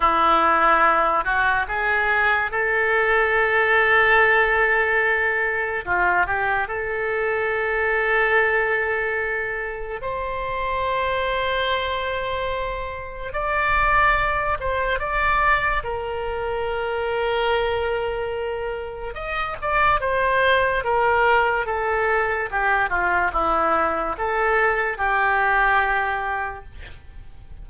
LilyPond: \new Staff \with { instrumentName = "oboe" } { \time 4/4 \tempo 4 = 72 e'4. fis'8 gis'4 a'4~ | a'2. f'8 g'8 | a'1 | c''1 |
d''4. c''8 d''4 ais'4~ | ais'2. dis''8 d''8 | c''4 ais'4 a'4 g'8 f'8 | e'4 a'4 g'2 | }